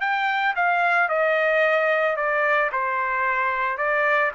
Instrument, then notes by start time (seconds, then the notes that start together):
trumpet
0.00 G5
0.56 F5
1.08 D#5
2.16 D5
2.72 C5
3.77 D5